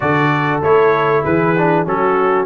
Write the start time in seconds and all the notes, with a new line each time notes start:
0.00 D3 F#4 A4 D5
0.61 A3 E4 C#5
1.24 E3 G#4 B4
1.57 D4
1.86 F#3 C#4 F#4 A4